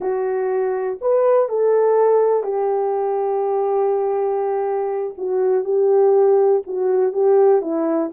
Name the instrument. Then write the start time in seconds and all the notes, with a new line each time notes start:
horn
0.00 F#4
1.01 B4
1.49 A4
2.43 G4
5.17 F#4
5.64 G4
6.66 F#4
7.12 G4
7.61 E4